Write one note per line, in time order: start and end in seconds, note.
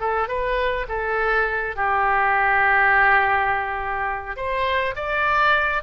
0.00 0.28 A4
0.28 0.86 B4
0.88 1.76 A4
1.76 4.36 G4
4.36 4.95 C5
4.95 5.83 D5